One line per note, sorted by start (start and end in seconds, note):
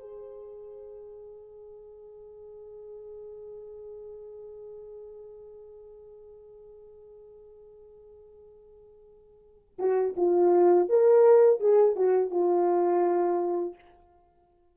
0.00 9.76 G#4
9.79 10.15 F#4
10.17 10.89 F4
10.89 11.61 A#4
11.61 11.96 G#4
11.96 12.31 F#4
12.31 13.75 F4